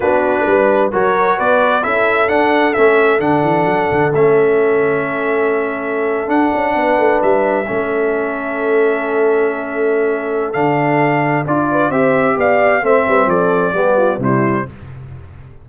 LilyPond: <<
  \new Staff \with { instrumentName = "trumpet" } { \time 4/4 \tempo 4 = 131 b'2 cis''4 d''4 | e''4 fis''4 e''4 fis''4~ | fis''4 e''2.~ | e''4.~ e''16 fis''2 e''16~ |
e''1~ | e''2. f''4~ | f''4 d''4 e''4 f''4 | e''4 d''2 c''4 | }
  \new Staff \with { instrumentName = "horn" } { \time 4/4 fis'4 b'4 ais'4 b'4 | a'1~ | a'1~ | a'2~ a'8. b'4~ b'16~ |
b'8. a'2.~ a'16~ | a'1~ | a'4. b'8 c''4 d''4 | c''8 b'8 a'4 g'8 f'8 e'4 | }
  \new Staff \with { instrumentName = "trombone" } { \time 4/4 d'2 fis'2 | e'4 d'4 cis'4 d'4~ | d'4 cis'2.~ | cis'4.~ cis'16 d'2~ d'16~ |
d'8. cis'2.~ cis'16~ | cis'2. d'4~ | d'4 f'4 g'2 | c'2 b4 g4 | }
  \new Staff \with { instrumentName = "tuba" } { \time 4/4 b4 g4 fis4 b4 | cis'4 d'4 a4 d8 e8 | fis8 d8 a2.~ | a4.~ a16 d'8 cis'8 b8 a8 g16~ |
g8. a2.~ a16~ | a2. d4~ | d4 d'4 c'4 b4 | a8 g8 f4 g4 c4 | }
>>